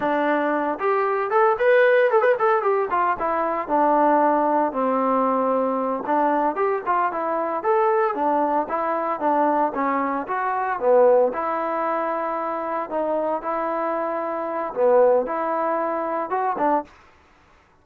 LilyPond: \new Staff \with { instrumentName = "trombone" } { \time 4/4 \tempo 4 = 114 d'4. g'4 a'8 b'4 | a'16 b'16 a'8 g'8 f'8 e'4 d'4~ | d'4 c'2~ c'8 d'8~ | d'8 g'8 f'8 e'4 a'4 d'8~ |
d'8 e'4 d'4 cis'4 fis'8~ | fis'8 b4 e'2~ e'8~ | e'8 dis'4 e'2~ e'8 | b4 e'2 fis'8 d'8 | }